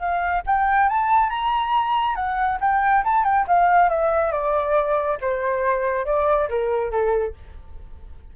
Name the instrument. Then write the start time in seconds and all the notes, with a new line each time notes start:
flute
0.00 F5
0.47 G5
0.90 A5
1.30 A#5
2.16 F#5
2.61 G5
3.05 A5
3.25 G5
3.48 F5
3.90 E5
4.32 D5
5.22 C5
6.06 D5
6.50 A#4
6.92 A4